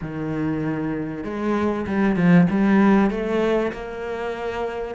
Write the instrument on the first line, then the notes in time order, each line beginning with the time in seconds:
cello
0.01 D#3
1.24 G#3
1.86 G3
2.16 F3
2.50 G3
3.10 A3
3.72 A#3